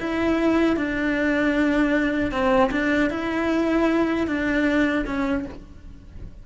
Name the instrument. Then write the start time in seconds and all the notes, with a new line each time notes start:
cello
0.00 E4
0.77 D4
2.32 C4
2.71 D4
3.10 E4
4.27 D4
5.06 C#4